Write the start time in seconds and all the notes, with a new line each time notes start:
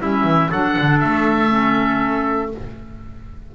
0.00 G3 C#4 E4 E5
0.24 E3
0.50 F#3 D4 A4 F#5
0.78 D3
1.00 A3 E5
1.48 C#4